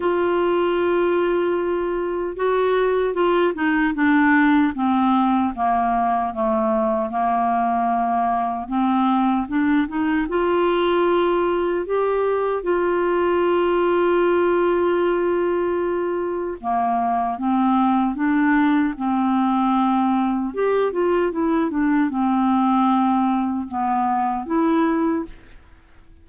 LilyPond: \new Staff \with { instrumentName = "clarinet" } { \time 4/4 \tempo 4 = 76 f'2. fis'4 | f'8 dis'8 d'4 c'4 ais4 | a4 ais2 c'4 | d'8 dis'8 f'2 g'4 |
f'1~ | f'4 ais4 c'4 d'4 | c'2 g'8 f'8 e'8 d'8 | c'2 b4 e'4 | }